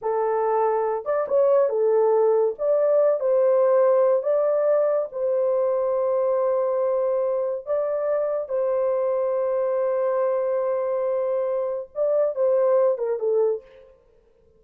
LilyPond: \new Staff \with { instrumentName = "horn" } { \time 4/4 \tempo 4 = 141 a'2~ a'8 d''8 cis''4 | a'2 d''4. c''8~ | c''2 d''2 | c''1~ |
c''2 d''2 | c''1~ | c''1 | d''4 c''4. ais'8 a'4 | }